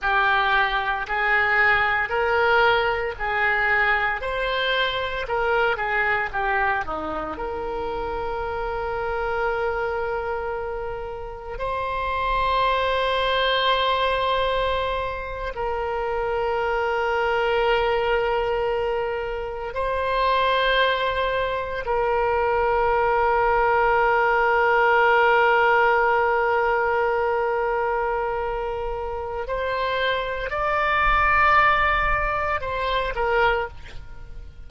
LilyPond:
\new Staff \with { instrumentName = "oboe" } { \time 4/4 \tempo 4 = 57 g'4 gis'4 ais'4 gis'4 | c''4 ais'8 gis'8 g'8 dis'8 ais'4~ | ais'2. c''4~ | c''2~ c''8. ais'4~ ais'16~ |
ais'2~ ais'8. c''4~ c''16~ | c''8. ais'2.~ ais'16~ | ais'1 | c''4 d''2 c''8 ais'8 | }